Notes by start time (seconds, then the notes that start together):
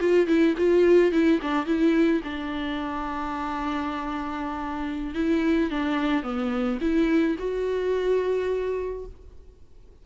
0.00 F4
0.27 E4
0.58 F4
1.12 E4
1.42 D4
1.66 E4
2.24 D4
5.15 E4
5.70 D4
6.23 B3
6.81 E4
7.39 F#4